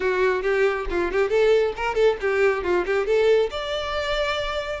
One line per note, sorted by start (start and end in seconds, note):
0.00 0.42 F#4
0.42 0.85 G4
0.89 1.11 F4
1.11 1.29 G4
1.29 1.73 A4
1.76 1.95 A#4
1.95 2.16 A4
2.20 2.63 G4
2.63 2.85 F4
2.86 3.06 G4
3.06 3.49 A4
3.50 4.80 D5